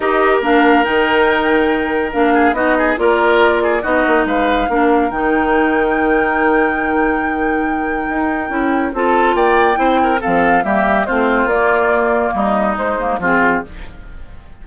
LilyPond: <<
  \new Staff \with { instrumentName = "flute" } { \time 4/4 \tempo 4 = 141 dis''4 f''4 g''2~ | g''4 f''4 dis''4 d''4~ | d''4 dis''4 f''2 | g''1~ |
g''1~ | g''4 a''4 g''2 | f''4 e''4 c''4 d''4~ | d''4 dis''4 c''4 gis'4 | }
  \new Staff \with { instrumentName = "oboe" } { \time 4/4 ais'1~ | ais'4. gis'8 fis'8 gis'8 ais'4~ | ais'8 gis'8 fis'4 b'4 ais'4~ | ais'1~ |
ais'1~ | ais'4 a'4 d''4 c''8 ais'8 | a'4 g'4 f'2~ | f'4 dis'2 f'4 | }
  \new Staff \with { instrumentName = "clarinet" } { \time 4/4 g'4 d'4 dis'2~ | dis'4 d'4 dis'4 f'4~ | f'4 dis'2 d'4 | dis'1~ |
dis'1 | e'4 f'2 e'4 | c'4 ais4 c'4 ais4~ | ais2 gis8 ais8 c'4 | }
  \new Staff \with { instrumentName = "bassoon" } { \time 4/4 dis'4 ais4 dis2~ | dis4 ais4 b4 ais4~ | ais4 b8 ais8 gis4 ais4 | dis1~ |
dis2. dis'4 | cis'4 c'4 ais4 c'4 | f4 g4 a4 ais4~ | ais4 g4 gis4 f4 | }
>>